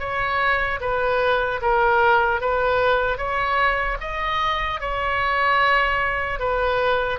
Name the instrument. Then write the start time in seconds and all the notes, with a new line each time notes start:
oboe
0.00 C#5
0.81 B4
1.62 A#4
2.41 B4
3.18 C#5
4.01 D#5
4.81 C#5
6.40 B4